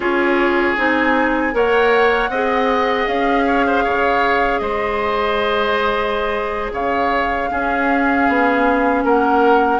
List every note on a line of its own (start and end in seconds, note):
0.00 0.76 C#4
0.00 0.77 F4
0.00 1.54 G#4
0.00 0.77 C#5
0.77 1.53 C4
0.77 1.52 D#4
0.77 1.56 G#5
1.52 2.29 A#3
1.52 2.29 A#4
1.52 2.30 C#5
1.52 3.07 F#5
2.29 3.06 C4
2.29 7.50 G#4
2.29 3.45 D#5
3.07 3.84 C#4
3.07 4.58 F5
3.46 3.65 C#5
3.66 3.83 C5
3.83 4.60 C#3
3.83 4.60 C#5
4.58 6.71 G#3
4.58 6.72 C5
4.58 6.70 D#5
6.72 7.49 C#3
6.72 7.49 C#5
6.72 9.04 F5
7.50 9.79 C#4
7.50 8.28 C#4
7.50 9.04 G#4
8.28 9.04 B3
9.04 9.79 A#3
9.04 9.79 A#4
9.04 9.79 F#5